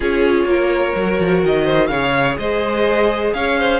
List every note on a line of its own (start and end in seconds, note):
0.00 0.44 C#4
0.00 0.95 F4
0.00 0.46 G#4
0.00 1.44 C#5
0.44 0.92 A#3
0.44 1.63 A#4
0.95 1.19 F#3
0.95 1.91 F#4
1.19 1.43 F3
1.43 1.89 D#3
1.43 1.87 D#5
1.63 1.87 C5
1.87 2.37 C#3
1.87 3.80 G#4
1.87 2.38 C#5
1.87 2.34 F5
2.38 3.33 G#3
2.38 3.34 C5
2.38 3.33 D#5
3.33 3.80 C#4
3.33 3.59 C#5
3.33 3.80 F5
3.59 3.80 C5